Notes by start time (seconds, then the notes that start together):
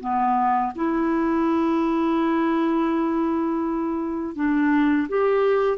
0.00 B3
0.75 E4
4.35 D4
5.08 G4